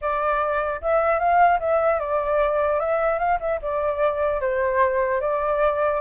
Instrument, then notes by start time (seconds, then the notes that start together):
flute
0.01 D5
0.81 E5
1.19 F5
1.59 E5
1.99 D5
2.79 E5
3.18 F5
3.39 E5
3.61 D5
4.40 C5
5.20 D5